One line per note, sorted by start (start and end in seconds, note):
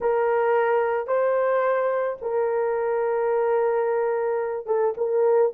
0.01 1.07 A#4
1.07 2.17 C5
2.21 4.66 A#4
4.66 4.94 A4
4.97 5.52 A#4